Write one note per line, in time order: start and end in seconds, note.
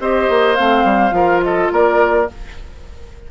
0.00 0.29 C4
0.00 0.56 G4
0.00 1.16 C5
0.00 0.56 D#5
0.29 0.58 A#3
0.56 0.84 A3
0.56 1.11 C4
0.56 1.42 F5
0.84 1.12 G3
1.11 1.69 F3
1.11 2.27 F4
1.11 1.44 A#4
1.43 1.73 A4
1.43 1.72 D#5
1.72 2.30 A#3
1.72 2.30 A#4
1.72 2.31 D5